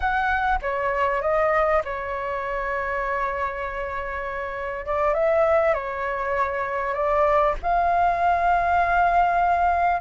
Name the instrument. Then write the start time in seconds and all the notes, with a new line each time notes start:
flute
0.00 F#5
0.62 C#5
1.21 D#5
1.84 C#5
4.85 D5
5.13 E5
5.74 C#5
6.94 D5
7.62 F5